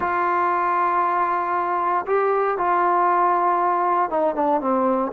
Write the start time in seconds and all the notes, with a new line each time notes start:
0.00 F4
2.06 G4
2.57 F4
4.10 D#4
4.35 D4
4.60 C4